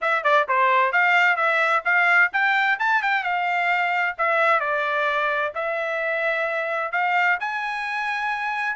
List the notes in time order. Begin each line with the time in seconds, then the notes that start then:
0.01 E5
0.23 D5
0.48 C5
0.92 F5
1.36 E5
1.85 F5
2.32 G5
2.79 A5
3.02 G5
3.23 F5
4.18 E5
4.60 D5
5.54 E5
6.92 F5
7.40 G#5